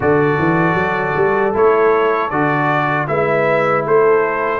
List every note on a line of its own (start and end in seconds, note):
0.00 0.37 D3
0.00 1.52 F#4
0.00 3.08 A4
0.00 1.55 D5
0.38 0.74 E3
0.74 1.12 F#3
1.16 1.54 G3
1.53 2.31 A3
1.53 2.30 E4
1.53 2.29 C#5
2.29 3.08 D3
2.29 3.07 F#4
2.29 3.06 D5
3.07 3.85 G#3
3.07 4.60 E4
3.07 3.85 B4
3.07 3.84 E5
3.85 4.60 A3
3.85 4.60 A4
3.85 4.60 C5